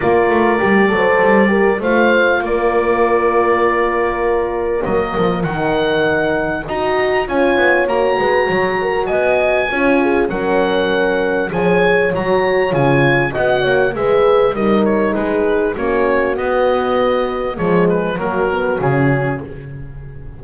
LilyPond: <<
  \new Staff \with { instrumentName = "oboe" } { \time 4/4 \tempo 4 = 99 d''2. f''4 | d''1 | dis''4 fis''2 ais''4 | gis''4 ais''2 gis''4~ |
gis''4 fis''2 gis''4 | ais''4 gis''4 fis''4 e''4 | dis''8 cis''8 b'4 cis''4 dis''4~ | dis''4 cis''8 b'8 ais'4 gis'4 | }
  \new Staff \with { instrumentName = "horn" } { \time 4/4 ais'4. c''4 ais'8 c''4 | ais'1~ | ais'2. dis''4 | cis''4. b'8 cis''8 ais'8 dis''4 |
cis''8 gis'8 ais'2 cis''4~ | cis''2 dis''8 cis''8 b'4 | ais'4 gis'4 fis'2~ | fis'4 gis'4 fis'2 | }
  \new Staff \with { instrumentName = "horn" } { \time 4/4 f'4 g'8 a'4 g'8 f'4~ | f'1 | ais4 dis'2 fis'4 | f'4 fis'2. |
f'4 cis'2 gis'4 | fis'4 f'4 fis'4 gis'4 | dis'2 cis'4 b4~ | b4 gis4 ais8 b8 cis'4 | }
  \new Staff \with { instrumentName = "double bass" } { \time 4/4 ais8 a8 g8 fis8 g4 a4 | ais1 | fis8 f8 dis2 dis'4 | cis'8 b8 ais8 gis8 fis4 b4 |
cis'4 fis2 f4 | fis4 cis4 b8 ais8 gis4 | g4 gis4 ais4 b4~ | b4 f4 fis4 cis4 | }
>>